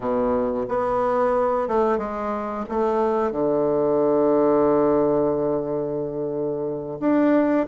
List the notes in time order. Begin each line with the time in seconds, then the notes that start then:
0.00 B2
0.68 B3
1.68 A3
1.98 G#3
2.69 A3
3.31 D3
7.00 D4